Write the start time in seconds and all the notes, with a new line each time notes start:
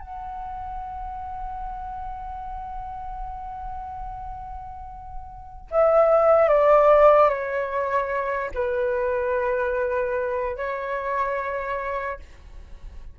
0.00 F#5
5.71 E5
6.49 D5
7.29 C#5
8.55 B4
10.57 C#5